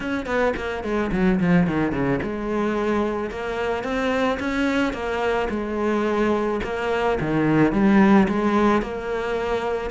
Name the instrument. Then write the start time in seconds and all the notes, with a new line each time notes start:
cello
0.00 C#4
0.26 B3
0.56 A#3
0.83 G#3
1.12 F#3
1.40 F3
1.66 D#3
1.92 C#3
2.22 G#3
3.30 A#3
3.83 C4
4.39 C#4
4.93 A#3
5.50 G#3
6.63 A#3
7.20 D#3
7.72 G3
8.28 G#3
8.81 A#3